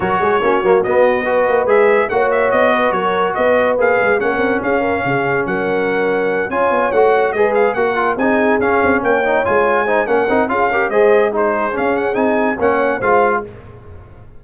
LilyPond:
<<
  \new Staff \with { instrumentName = "trumpet" } { \time 4/4 \tempo 4 = 143 cis''2 dis''2 | e''4 fis''8 e''8 dis''4 cis''4 | dis''4 f''4 fis''4 f''4~ | f''4 fis''2~ fis''8 gis''8~ |
gis''8 fis''4 dis''8 f''8 fis''4 gis''8~ | gis''8 f''4 g''4 gis''4. | fis''4 f''4 dis''4 c''4 | f''8 fis''8 gis''4 fis''4 f''4 | }
  \new Staff \with { instrumentName = "horn" } { \time 4/4 ais'8 gis'8 fis'2 b'4~ | b'4 cis''4. b'8 ais'4 | b'2 ais'4 gis'8 ais'8 | gis'4 ais'2~ ais'8 cis''8~ |
cis''4. b'4 ais'4 gis'8~ | gis'4. cis''2 c''8 | ais'4 gis'8 ais'8 c''4 gis'4~ | gis'2 cis''4 c''4 | }
  \new Staff \with { instrumentName = "trombone" } { \time 4/4 fis'4 cis'8 ais8 b4 fis'4 | gis'4 fis'2.~ | fis'4 gis'4 cis'2~ | cis'2.~ cis'8 f'8~ |
f'8 fis'4 gis'4 fis'8 f'8 dis'8~ | dis'8 cis'4. dis'8 f'4 dis'8 | cis'8 dis'8 f'8 g'8 gis'4 dis'4 | cis'4 dis'4 cis'4 f'4 | }
  \new Staff \with { instrumentName = "tuba" } { \time 4/4 fis8 gis8 ais8 fis8 b4. ais8 | gis4 ais4 b4 fis4 | b4 ais8 gis8 ais8 c'8 cis'4 | cis4 fis2~ fis8 cis'8 |
b8 a4 gis4 ais4 c'8~ | c'8 cis'8 c'8 ais4 gis4. | ais8 c'8 cis'4 gis2 | cis'4 c'4 ais4 gis4 | }
>>